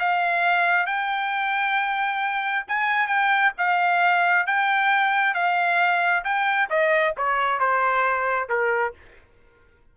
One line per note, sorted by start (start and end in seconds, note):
0.00 0.87 F5
0.87 2.66 G5
2.68 3.08 G#5
3.08 3.53 G5
3.58 4.47 F5
4.47 5.35 G5
5.35 6.24 F5
6.25 6.70 G5
6.70 7.15 D#5
7.17 7.60 C#5
7.60 8.49 C5
8.49 8.94 A#4